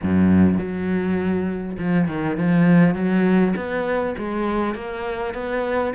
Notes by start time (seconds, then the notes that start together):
0.02 F#2
0.58 F#3
1.78 F3
2.08 D#3
2.37 F3
2.95 F#3
3.56 B3
4.17 G#3
4.74 A#3
5.34 B3